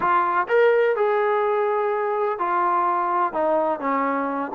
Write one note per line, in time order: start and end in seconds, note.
0.00 0.47 F4
0.48 0.95 A#4
0.95 2.38 G#4
2.39 3.33 F4
3.33 3.80 D#4
3.80 4.51 C#4